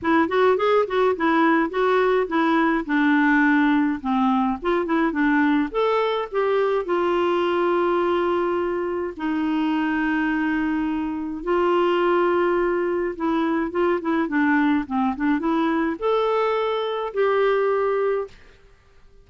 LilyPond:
\new Staff \with { instrumentName = "clarinet" } { \time 4/4 \tempo 4 = 105 e'8 fis'8 gis'8 fis'8 e'4 fis'4 | e'4 d'2 c'4 | f'8 e'8 d'4 a'4 g'4 | f'1 |
dis'1 | f'2. e'4 | f'8 e'8 d'4 c'8 d'8 e'4 | a'2 g'2 | }